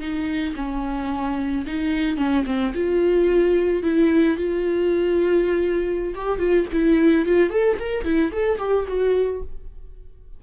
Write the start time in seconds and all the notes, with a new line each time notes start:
0.00 D#4
0.56 C#4
1.67 D#4
2.17 C#4
2.46 C4
2.74 F4
3.83 E4
4.37 F4
6.15 G4
6.39 F4
6.73 E4
7.26 F4
7.50 A4
7.80 A#4
8.05 E4
8.32 A4
8.59 G4
8.88 F#4